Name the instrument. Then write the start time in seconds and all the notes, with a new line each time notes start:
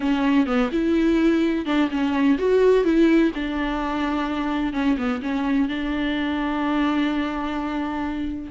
viola
0.00 C#4
0.46 B3
0.72 E4
1.65 D4
1.90 C#4
2.38 F#4
2.84 E4
3.34 D4
4.73 C#4
4.97 B3
5.22 C#4
5.68 D4